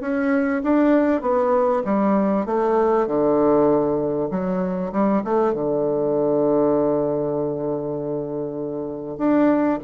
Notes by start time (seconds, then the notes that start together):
0.00 C#4
0.63 D4
1.21 B3
1.85 G3
2.45 A3
3.07 D3
4.30 F#3
4.92 G3
5.24 A3
5.53 D3
9.18 D4